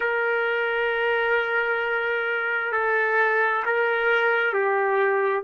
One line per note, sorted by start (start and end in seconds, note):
0.00 2.72 A#4
2.72 3.63 A4
3.65 4.52 A#4
4.52 5.43 G4